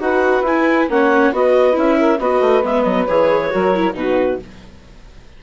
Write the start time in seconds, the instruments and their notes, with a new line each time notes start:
0.00 bassoon D#4, viola F#4, saxophone B4, clarinet F#5
0.41 bassoon E4, clarinet G#5
0.48 viola E4
0.89 bassoon A#3, viola C#4, saxophone C#5, clarinet F#5
1.31 bassoon B3, viola F#4, saxophone B4, clarinet D#5
1.72 bassoon C#4, viola E4, clarinet E5
1.98 saxophone A#4
2.19 bassoon B3, viola F#4, saxophone B4, clarinet D#5
2.40 bassoon A3
2.62 bassoon G#3, viola B3, clarinet E5
2.82 bassoon F#3, clarinet D#5
3.06 bassoon E3, viola G#4, clarinet C#5
3.50 bassoon F#3, viola F#4, saxophone A#4
3.75 viola E4
3.93 bassoon B2, viola D#4, saxophone F#4, clarinet B4